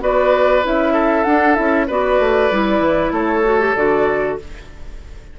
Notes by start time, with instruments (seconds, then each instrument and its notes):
0.00 bassoon B3, clarinet F#4, oboe B4, flute D5
0.63 bassoon C#4, clarinet E4, flute E5
0.93 oboe A4
1.24 clarinet D4, bassoon D4, flute F#5
1.55 bassoon C#4, clarinet E4, flute E5
1.87 bassoon B3, clarinet F#4, oboe B4, flute D5
2.20 bassoon A3
2.51 bassoon G3, clarinet E4
2.79 bassoon E3
3.11 bassoon A3, oboe A4, flute C#5
3.44 clarinet F#4
3.60 clarinet G4
3.76 bassoon D3, clarinet F#4, flute D5